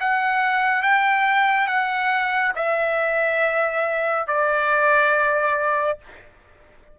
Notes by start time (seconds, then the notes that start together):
0.00 F#5
0.83 G5
1.67 F#5
2.56 E5
4.27 D5